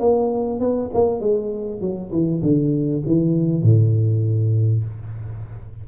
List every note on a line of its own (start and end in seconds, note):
0.00 0.60 A#3
0.60 0.90 B3
0.94 1.20 A#3
1.20 1.81 G#3
1.81 2.11 F#3
2.12 2.42 E3
2.42 3.03 D3
3.06 3.63 E3
3.63 4.84 A2